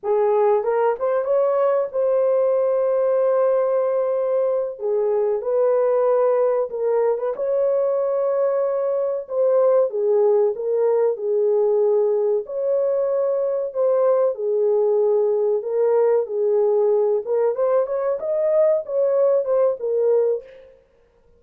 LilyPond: \new Staff \with { instrumentName = "horn" } { \time 4/4 \tempo 4 = 94 gis'4 ais'8 c''8 cis''4 c''4~ | c''2.~ c''8 gis'8~ | gis'8 b'2 ais'8. b'16 cis''8~ | cis''2~ cis''8 c''4 gis'8~ |
gis'8 ais'4 gis'2 cis''8~ | cis''4. c''4 gis'4.~ | gis'8 ais'4 gis'4. ais'8 c''8 | cis''8 dis''4 cis''4 c''8 ais'4 | }